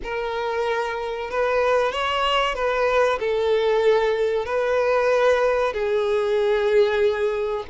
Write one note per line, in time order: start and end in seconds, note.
0.03 1.30 A#4
1.30 1.91 B4
1.91 2.54 C#5
2.54 3.18 B4
3.19 4.45 A4
4.45 5.73 B4
5.73 7.64 G#4